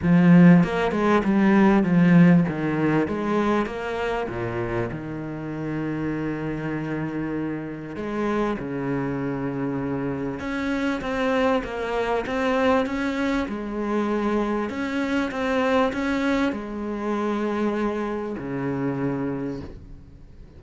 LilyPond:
\new Staff \with { instrumentName = "cello" } { \time 4/4 \tempo 4 = 98 f4 ais8 gis8 g4 f4 | dis4 gis4 ais4 ais,4 | dis1~ | dis4 gis4 cis2~ |
cis4 cis'4 c'4 ais4 | c'4 cis'4 gis2 | cis'4 c'4 cis'4 gis4~ | gis2 cis2 | }